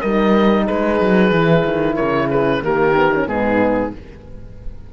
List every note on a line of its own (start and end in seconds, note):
0.00 0.68 G3
0.00 1.33 D#4
0.00 0.65 A#4
0.00 0.65 D#5
0.65 1.00 G#3
0.65 1.95 G#4
0.65 1.95 B4
1.00 1.31 F#3
1.31 1.63 E3
1.31 2.61 E4
1.65 1.97 D#3
1.95 2.62 C#3
1.95 2.28 A#4
1.95 2.28 C#5
2.30 2.63 G#4
2.30 2.63 B4
2.61 3.27 D#3
2.61 2.94 A#3
2.61 3.27 G4
2.61 3.28 A#4
2.95 3.11 B3
3.14 3.27 C#4
3.27 3.92 G#2
3.27 3.92 B3
3.27 3.93 D#4
3.27 3.93 G#4